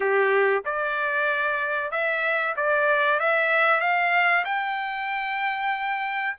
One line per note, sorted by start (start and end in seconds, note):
0.00 0.63 G4
0.65 1.91 D5
1.91 2.54 E5
2.56 3.19 D5
3.19 3.80 E5
3.80 4.44 F5
4.44 6.36 G5